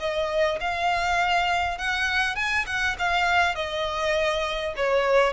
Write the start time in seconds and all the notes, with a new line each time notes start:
0.00 D#5
0.61 F5
1.78 F#5
2.36 G#5
2.67 F#5
2.99 F5
3.56 D#5
4.77 C#5